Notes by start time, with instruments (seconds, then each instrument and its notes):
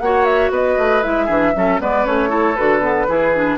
0.00 bassoon A#3, clarinet F#4, oboe C#5, flute F#5
0.25 flute E5
0.50 bassoon B3, oboe B4, flute D#5
0.78 bassoon A3
1.02 bassoon G#3, clarinet E4, flute E5
1.25 bassoon E3, clarinet D4, oboe G#4
1.54 bassoon F#3, clarinet C#4, oboe A4
1.80 bassoon G#3, clarinet B3, oboe B4, flute D5
2.05 bassoon A3, clarinet C#4, flute C#5
2.29 clarinet E4, oboe A4
2.56 bassoon D3, clarinet F#4, flute B4
2.80 clarinet B3
3.08 bassoon E3, clarinet E4, oboe G#4
3.34 clarinet D4